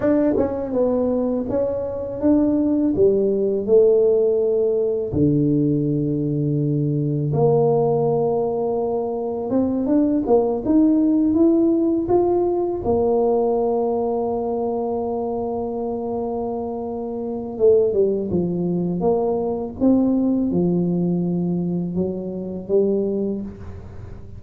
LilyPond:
\new Staff \with { instrumentName = "tuba" } { \time 4/4 \tempo 4 = 82 d'8 cis'8 b4 cis'4 d'4 | g4 a2 d4~ | d2 ais2~ | ais4 c'8 d'8 ais8 dis'4 e'8~ |
e'8 f'4 ais2~ ais8~ | ais1 | a8 g8 f4 ais4 c'4 | f2 fis4 g4 | }